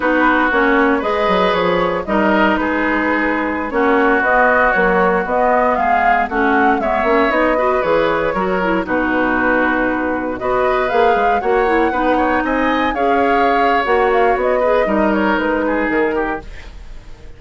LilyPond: <<
  \new Staff \with { instrumentName = "flute" } { \time 4/4 \tempo 4 = 117 b'4 cis''4 dis''4 cis''4 | dis''4 b'2~ b'16 cis''8.~ | cis''16 dis''4 cis''4 dis''4 f''8.~ | f''16 fis''4 e''4 dis''4 cis''8.~ |
cis''4~ cis''16 b'2~ b'8.~ | b'16 dis''4 f''4 fis''4.~ fis''16~ | fis''16 gis''4 f''4.~ f''16 fis''8 f''8 | dis''4. cis''8 b'4 ais'4 | }
  \new Staff \with { instrumentName = "oboe" } { \time 4/4 fis'2 b'2 | ais'4 gis'2~ gis'16 fis'8.~ | fis'2.~ fis'16 gis'8.~ | gis'16 fis'4 cis''4. b'4~ b'16~ |
b'16 ais'4 fis'2~ fis'8.~ | fis'16 b'2 cis''4 b'8 cis''16~ | cis''16 dis''4 cis''2~ cis''8.~ | cis''8 b'8 ais'4. gis'4 g'8 | }
  \new Staff \with { instrumentName = "clarinet" } { \time 4/4 dis'4 cis'4 gis'2 | dis'2.~ dis'16 cis'8.~ | cis'16 b4 fis4 b4.~ b16~ | b16 cis'4 b8 cis'8 dis'8 fis'8 gis'8.~ |
gis'16 fis'8 e'8 dis'2~ dis'8.~ | dis'16 fis'4 gis'4 fis'8 e'8 dis'8.~ | dis'4~ dis'16 gis'4.~ gis'16 fis'4~ | fis'8 gis'8 dis'2. | }
  \new Staff \with { instrumentName = "bassoon" } { \time 4/4 b4 ais4 gis8 fis8 f4 | g4 gis2~ gis16 ais8.~ | ais16 b4 ais4 b4 gis8.~ | gis16 a4 gis8 ais8 b4 e8.~ |
e16 fis4 b,2~ b,8.~ | b,16 b4 ais8 gis8 ais4 b8.~ | b16 c'4 cis'4.~ cis'16 ais4 | b4 g4 gis4 dis4 | }
>>